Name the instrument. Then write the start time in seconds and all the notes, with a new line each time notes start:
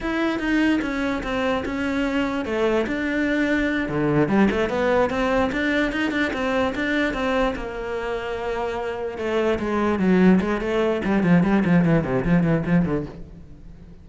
cello
0.01 E4
0.39 D#4
0.81 C#4
1.23 C4
1.65 C#4
2.45 A3
2.87 D4
3.88 D3
4.28 G3
4.50 A3
4.69 B3
5.10 C4
5.52 D4
5.91 D#4
6.11 D4
6.33 C4
6.75 D4
7.13 C4
7.55 A#3
9.18 A3
9.59 G#3
9.99 F#3
10.40 G#3
10.60 A3
11.04 G3
11.23 F3
11.43 G3
11.64 F3
11.84 E3
12.04 C3
12.24 F3
12.43 E3
12.66 F3
12.85 D3